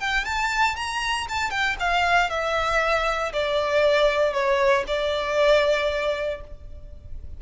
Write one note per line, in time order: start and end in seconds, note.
0.00 0.25 G5
0.25 0.76 A5
0.76 1.27 A#5
1.29 1.50 A5
1.50 1.76 G5
1.79 2.30 F5
2.30 3.32 E5
3.33 4.33 D5
4.33 4.84 C#5
4.87 6.41 D5